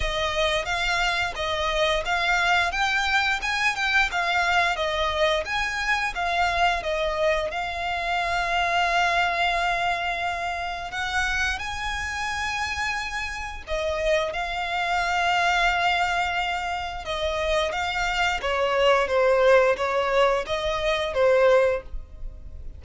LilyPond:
\new Staff \with { instrumentName = "violin" } { \time 4/4 \tempo 4 = 88 dis''4 f''4 dis''4 f''4 | g''4 gis''8 g''8 f''4 dis''4 | gis''4 f''4 dis''4 f''4~ | f''1 |
fis''4 gis''2. | dis''4 f''2.~ | f''4 dis''4 f''4 cis''4 | c''4 cis''4 dis''4 c''4 | }